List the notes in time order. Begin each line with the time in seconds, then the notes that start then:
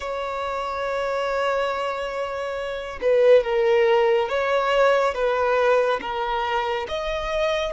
0.00 C#5
3.01 B4
3.43 A#4
4.29 C#5
5.14 B4
6.01 A#4
6.88 D#5